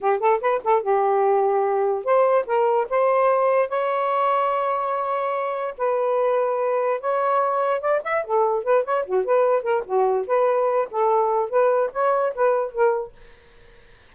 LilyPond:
\new Staff \with { instrumentName = "saxophone" } { \time 4/4 \tempo 4 = 146 g'8 a'8 b'8 a'8 g'2~ | g'4 c''4 ais'4 c''4~ | c''4 cis''2.~ | cis''2 b'2~ |
b'4 cis''2 d''8 e''8 | a'4 b'8 cis''8 fis'8 b'4 ais'8 | fis'4 b'4. a'4. | b'4 cis''4 b'4 ais'4 | }